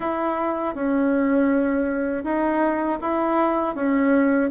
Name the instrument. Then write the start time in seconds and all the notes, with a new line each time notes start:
bassoon
0.00 E4
0.74 C#4
2.24 D#4
3.01 E4
3.75 C#4